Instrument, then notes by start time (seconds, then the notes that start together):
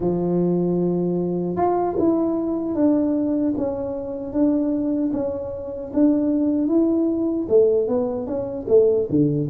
tuba
0.00 F3
1.56 F4
1.98 E4
2.75 D4
3.57 C#4
4.32 D4
5.12 C#4
5.93 D4
6.67 E4
7.48 A3
7.87 B3
8.26 C#4
8.68 A3
9.09 D3